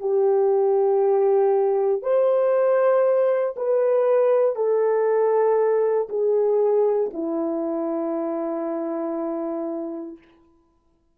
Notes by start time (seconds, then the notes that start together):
0.00 G4
2.02 C5
3.56 B4
4.55 A4
6.09 G#4
7.13 E4